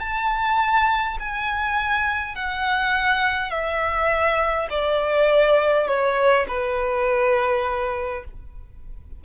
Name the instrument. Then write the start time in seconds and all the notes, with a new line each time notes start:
violin
0.00 A5
1.19 G#5
2.35 F#5
3.50 E5
4.70 D5
5.87 C#5
6.48 B4